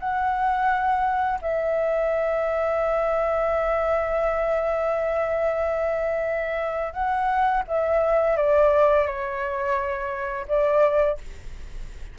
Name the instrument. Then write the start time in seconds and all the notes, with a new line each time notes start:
flute
0.00 F#5
1.42 E5
6.94 F#5
7.68 E5
8.37 D5
9.07 C#5
10.48 D5